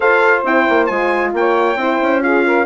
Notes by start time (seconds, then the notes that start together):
0.00 F4 A4 C5 F5
0.44 C4 E4 G5
0.69 A#3
0.86 G#3 F4 G#5
1.33 A#3 C#5 G5
1.76 C4 E4 C5
2.01 C#4
2.21 F4 G#4 F5
2.45 A#4